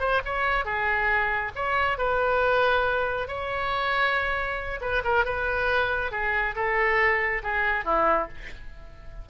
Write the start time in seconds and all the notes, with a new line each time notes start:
0.00 C5
0.25 C#5
0.65 G#4
1.56 C#5
1.98 B4
3.28 C#5
4.81 B4
5.05 A#4
5.25 B4
6.12 G#4
6.56 A4
7.43 G#4
7.85 E4